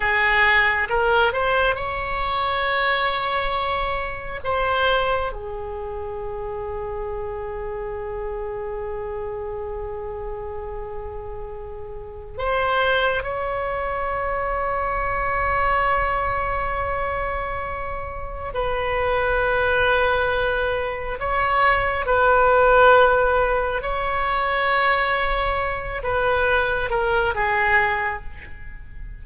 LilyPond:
\new Staff \with { instrumentName = "oboe" } { \time 4/4 \tempo 4 = 68 gis'4 ais'8 c''8 cis''2~ | cis''4 c''4 gis'2~ | gis'1~ | gis'2 c''4 cis''4~ |
cis''1~ | cis''4 b'2. | cis''4 b'2 cis''4~ | cis''4. b'4 ais'8 gis'4 | }